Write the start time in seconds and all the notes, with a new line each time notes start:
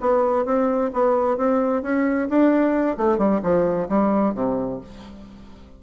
0.00 B3
0.45 C4
0.93 B3
1.37 C4
1.82 C#4
2.29 D4
2.97 A3
3.18 G3
3.42 F3
3.88 G3
4.34 C3